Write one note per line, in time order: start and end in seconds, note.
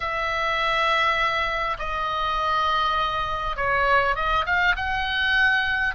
0.00 1.77 E5
1.78 3.56 D#5
3.56 4.15 C#5
4.15 4.45 D#5
4.46 4.75 F5
4.76 5.94 F#5